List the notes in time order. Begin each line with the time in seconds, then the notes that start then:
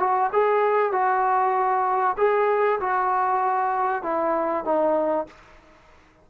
0.00 F#4
0.33 G#4
0.93 F#4
2.18 G#4
2.81 F#4
4.03 E4
4.65 D#4